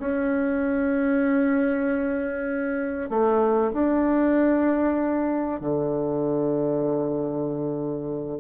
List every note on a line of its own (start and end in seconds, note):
0.00 3.10 C#4
3.10 3.72 A3
3.74 5.61 D4
5.61 8.40 D3